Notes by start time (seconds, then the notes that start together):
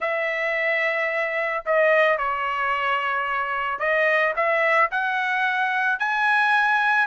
0.00 E5
1.65 D#5
2.18 C#5
3.79 D#5
4.35 E5
4.91 F#5
5.99 G#5